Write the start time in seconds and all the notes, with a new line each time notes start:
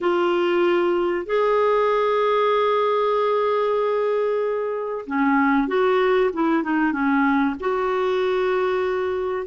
0.01 F4
1.26 G#4
5.06 C#4
5.67 F#4
6.33 E4
6.63 D#4
6.92 C#4
7.60 F#4